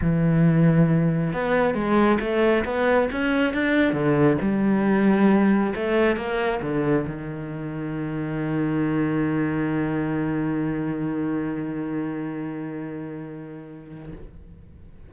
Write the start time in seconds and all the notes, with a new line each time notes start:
0.01 E3
1.32 B3
1.74 G#3
2.20 A3
2.65 B3
3.11 C#4
3.53 D4
3.92 D3
4.41 G3
5.75 A3
6.16 A#3
6.62 D3
7.06 D#3